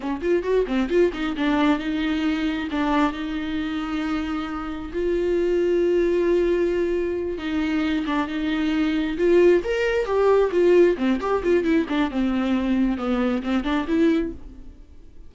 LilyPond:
\new Staff \with { instrumentName = "viola" } { \time 4/4 \tempo 4 = 134 cis'8 f'8 fis'8 c'8 f'8 dis'8 d'4 | dis'2 d'4 dis'4~ | dis'2. f'4~ | f'1~ |
f'8 dis'4. d'8 dis'4.~ | dis'8 f'4 ais'4 g'4 f'8~ | f'8 c'8 g'8 f'8 e'8 d'8 c'4~ | c'4 b4 c'8 d'8 e'4 | }